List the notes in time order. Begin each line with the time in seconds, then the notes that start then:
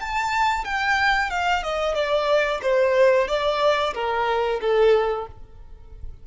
0.00 A5
0.64 G5
1.30 F5
1.63 D#5
1.95 D5
2.62 C5
3.28 D5
3.94 A#4
4.61 A4